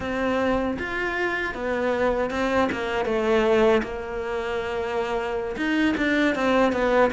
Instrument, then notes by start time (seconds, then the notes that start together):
cello
0.00 C4
0.78 F4
1.54 B3
2.30 C4
2.72 A#3
3.05 A3
3.83 A#3
5.56 D#4
5.97 D4
6.35 C4
6.72 B3